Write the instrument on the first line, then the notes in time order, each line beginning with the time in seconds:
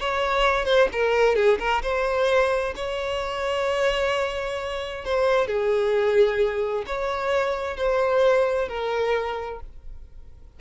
violin
0.00 C#5
0.66 C5
0.93 A#4
1.36 G#4
1.60 A#4
1.83 C5
2.76 C#5
5.05 C5
5.48 G#4
6.87 C#5
7.77 C5
8.69 A#4